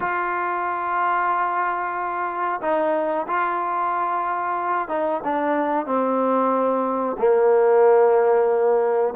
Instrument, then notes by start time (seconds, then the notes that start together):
trombone
0.00 F4
2.61 D#4
3.27 F4
4.88 D#4
5.24 D4
5.86 C4
7.19 A#3